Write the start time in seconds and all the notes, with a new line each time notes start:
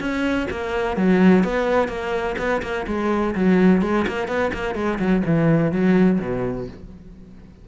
0.00 C#4
0.51 A#3
0.97 F#3
1.44 B3
1.88 A#3
2.39 B3
2.63 A#3
2.87 G#3
3.35 F#3
3.82 G#3
4.08 A#3
4.28 B3
4.54 A#3
4.75 G#3
4.99 F#3
5.26 E3
5.72 F#3
6.20 B2